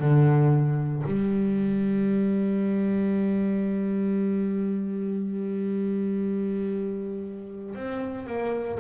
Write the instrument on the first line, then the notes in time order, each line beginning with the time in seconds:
double bass
0.00 D3
1.06 G3
7.75 C4
8.27 A#3